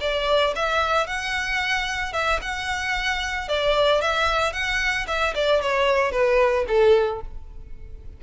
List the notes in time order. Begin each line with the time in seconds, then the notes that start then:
0.00 D5
0.55 E5
1.06 F#5
2.13 E5
2.41 F#5
3.48 D5
4.01 E5
4.52 F#5
5.07 E5
5.34 D5
5.61 C#5
6.11 B4
6.67 A4